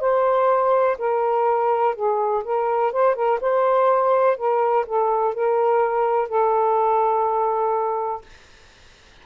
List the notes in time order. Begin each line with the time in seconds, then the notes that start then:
0.00 C5
0.98 A#4
1.95 G#4
2.43 A#4
2.92 C5
3.15 A#4
3.40 C5
4.37 A#4
4.86 A4
5.34 A#4
6.28 A4